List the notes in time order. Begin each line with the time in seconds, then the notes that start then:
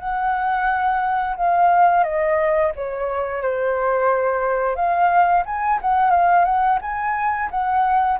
0.00 F#5
1.37 F5
2.04 D#5
2.76 C#5
3.42 C5
4.76 F5
5.46 G#5
5.82 F#5
6.11 F5
6.45 F#5
6.82 G#5
7.51 F#5